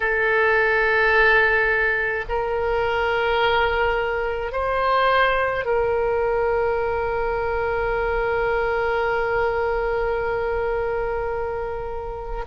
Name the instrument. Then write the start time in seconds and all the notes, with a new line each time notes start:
oboe
0.00 A4
2.28 A#4
4.52 C5
5.65 A#4